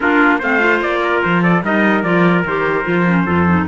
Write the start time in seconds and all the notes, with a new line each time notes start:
0.00 A#3 D4 F4 A#4
0.38 A3 C4 C5 F5
0.59 F4
0.81 A#3 D5
1.02 A#4
1.23 F3 C5
1.42 A4 D5
1.62 G3 D#4 A#4 D#5
2.03 F3 F4 D5
2.45 D#3 G4 C5
2.84 F3 F4
3.06 C#4
3.25 F2 F4 A4
3.48 D#4